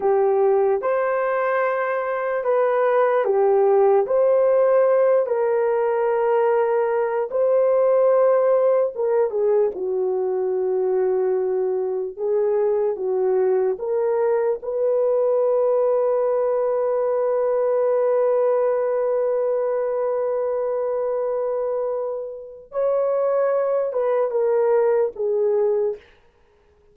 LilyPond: \new Staff \with { instrumentName = "horn" } { \time 4/4 \tempo 4 = 74 g'4 c''2 b'4 | g'4 c''4. ais'4.~ | ais'4 c''2 ais'8 gis'8 | fis'2. gis'4 |
fis'4 ais'4 b'2~ | b'1~ | b'1 | cis''4. b'8 ais'4 gis'4 | }